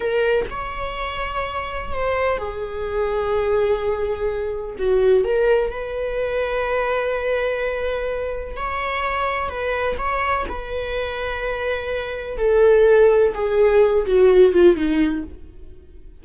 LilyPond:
\new Staff \with { instrumentName = "viola" } { \time 4/4 \tempo 4 = 126 ais'4 cis''2. | c''4 gis'2.~ | gis'2 fis'4 ais'4 | b'1~ |
b'2 cis''2 | b'4 cis''4 b'2~ | b'2 a'2 | gis'4. fis'4 f'8 dis'4 | }